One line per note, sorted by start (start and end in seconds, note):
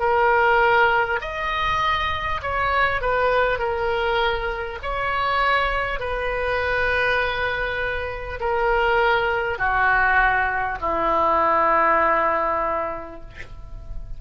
0.00 1.20 A#4
1.21 2.41 D#5
2.42 3.02 C#5
3.02 3.59 B4
3.59 4.79 A#4
4.83 6.00 C#5
6.00 8.40 B4
8.40 9.58 A#4
9.58 10.78 F#4
10.81 13.21 E4